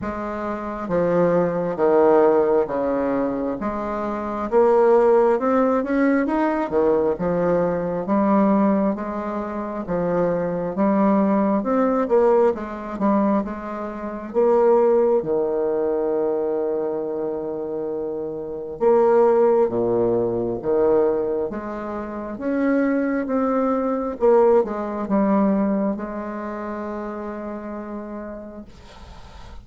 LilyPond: \new Staff \with { instrumentName = "bassoon" } { \time 4/4 \tempo 4 = 67 gis4 f4 dis4 cis4 | gis4 ais4 c'8 cis'8 dis'8 dis8 | f4 g4 gis4 f4 | g4 c'8 ais8 gis8 g8 gis4 |
ais4 dis2.~ | dis4 ais4 ais,4 dis4 | gis4 cis'4 c'4 ais8 gis8 | g4 gis2. | }